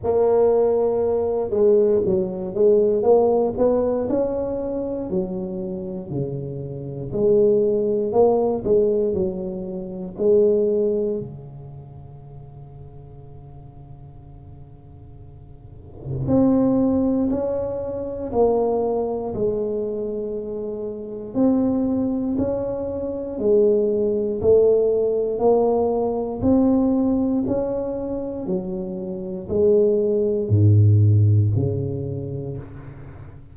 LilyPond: \new Staff \with { instrumentName = "tuba" } { \time 4/4 \tempo 4 = 59 ais4. gis8 fis8 gis8 ais8 b8 | cis'4 fis4 cis4 gis4 | ais8 gis8 fis4 gis4 cis4~ | cis1 |
c'4 cis'4 ais4 gis4~ | gis4 c'4 cis'4 gis4 | a4 ais4 c'4 cis'4 | fis4 gis4 gis,4 cis4 | }